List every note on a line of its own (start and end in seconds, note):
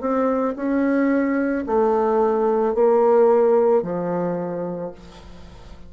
0.00 0.55 C4
0.56 1.65 C#4
1.66 2.74 A3
2.74 3.82 A#3
3.82 4.91 F3